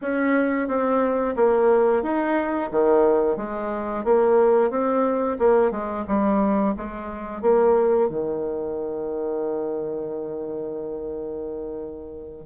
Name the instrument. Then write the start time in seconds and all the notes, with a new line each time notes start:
bassoon
0.01 C#4
0.67 C4
1.35 A#3
2.02 D#4
2.71 D#3
3.36 G#3
4.04 A#3
4.70 C4
5.38 A#3
5.71 G#3
6.07 G3
6.77 G#3
7.41 A#3
8.09 D#3